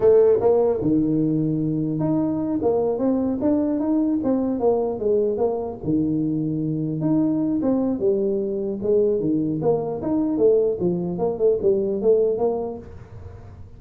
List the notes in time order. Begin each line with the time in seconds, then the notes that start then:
0.00 A3
0.40 A#3
0.81 D#3
1.99 D#4
2.62 A#3
2.98 C4
3.41 D4
3.79 D#4
4.23 C4
4.59 A#3
4.99 G#3
5.37 A#3
5.83 D#3
7.00 D#4
7.62 C4
7.99 G3
8.82 G#3
9.20 D#3
9.61 A#3
10.01 D#4
10.37 A3
10.80 F3
11.18 A#3
11.38 A3
11.62 G3
12.01 A3
12.38 A#3